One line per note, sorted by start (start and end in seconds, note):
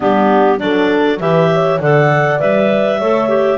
0.00 0.60 G3
0.00 0.58 B3
0.00 0.59 D4
0.00 0.59 G4
0.58 1.20 F#3
0.58 1.18 D4
0.58 1.20 A4
0.58 1.19 D5
1.20 1.79 E3
1.20 1.79 G4
1.20 1.50 B4
1.20 1.80 E5
1.52 1.81 C#5
1.79 2.39 D3
1.79 2.39 A4
1.79 2.98 D5
1.79 2.40 F#5
2.39 3.00 G3
2.39 2.99 B4
2.39 3.58 E5
2.98 3.58 A3
2.98 3.28 A4
2.98 3.58 C#5
3.28 3.58 G4